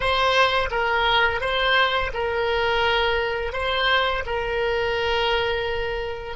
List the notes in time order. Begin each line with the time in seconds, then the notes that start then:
0.00 C5
0.70 A#4
1.40 C5
2.13 A#4
3.53 C5
4.25 A#4